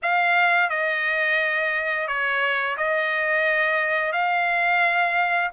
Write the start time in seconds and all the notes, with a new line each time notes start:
0.02 F5
0.69 D#5
2.07 C#5
2.77 D#5
4.12 F5